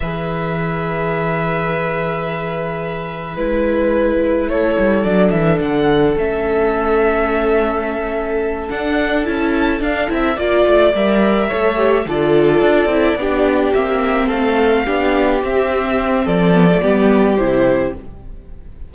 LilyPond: <<
  \new Staff \with { instrumentName = "violin" } { \time 4/4 \tempo 4 = 107 e''1~ | e''2 b'2 | cis''4 d''8 e''8 fis''4 e''4~ | e''2.~ e''8 fis''8~ |
fis''8 a''4 f''8 e''8 d''4 e''8~ | e''4. d''2~ d''8~ | d''8 e''4 f''2 e''8~ | e''4 d''2 c''4 | }
  \new Staff \with { instrumentName = "violin" } { \time 4/4 b'1~ | b'1 | a'1~ | a'1~ |
a'2~ a'8 d''4.~ | d''8 cis''4 a'2 g'8~ | g'4. a'4 g'4.~ | g'4 a'4 g'2 | }
  \new Staff \with { instrumentName = "viola" } { \time 4/4 gis'1~ | gis'2 e'2~ | e'4 d'2 cis'4~ | cis'2.~ cis'8 d'8~ |
d'8 e'4 d'8 e'8 f'4 ais'8~ | ais'8 a'8 g'8 f'4. e'8 d'8~ | d'8 c'2 d'4 c'8~ | c'4. b16 a16 b4 e'4 | }
  \new Staff \with { instrumentName = "cello" } { \time 4/4 e1~ | e2 gis2 | a8 g8 fis8 e8 d4 a4~ | a2.~ a8 d'8~ |
d'8 cis'4 d'8 c'8 ais8 a8 g8~ | g8 a4 d4 d'8 c'8 b8~ | b8 ais4 a4 b4 c'8~ | c'4 f4 g4 c4 | }
>>